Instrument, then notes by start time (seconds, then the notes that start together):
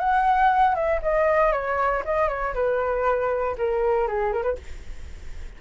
flute
0.00 F#5
0.75 E5
1.03 D#5
1.53 C#5
2.05 D#5
2.29 C#5
2.55 B4
3.58 A#4
4.08 G#4
4.33 A#4
4.43 B4